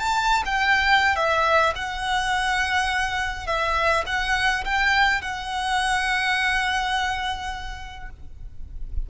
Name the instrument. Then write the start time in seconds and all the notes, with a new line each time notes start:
violin
0.00 A5
0.46 G5
1.16 E5
1.76 F#5
3.47 E5
4.07 F#5
4.65 G5
5.22 F#5